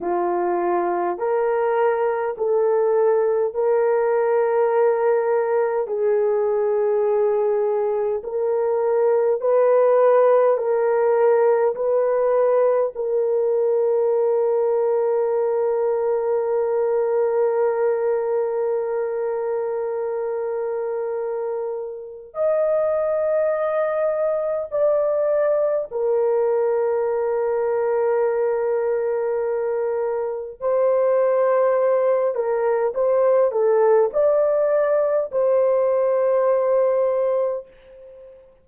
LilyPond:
\new Staff \with { instrumentName = "horn" } { \time 4/4 \tempo 4 = 51 f'4 ais'4 a'4 ais'4~ | ais'4 gis'2 ais'4 | b'4 ais'4 b'4 ais'4~ | ais'1~ |
ais'2. dis''4~ | dis''4 d''4 ais'2~ | ais'2 c''4. ais'8 | c''8 a'8 d''4 c''2 | }